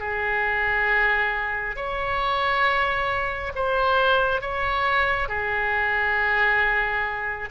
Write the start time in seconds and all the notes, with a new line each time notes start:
0.00 G#4
1.76 C#5
3.55 C5
4.41 C#5
5.29 G#4